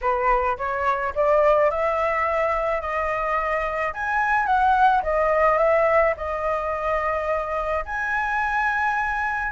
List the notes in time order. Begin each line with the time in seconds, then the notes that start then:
0.01 B4
0.57 C#5
1.15 D5
1.70 E5
2.81 D#5
3.93 G#5
4.46 F#5
5.02 D#5
5.58 E5
6.16 D#5
7.85 G#5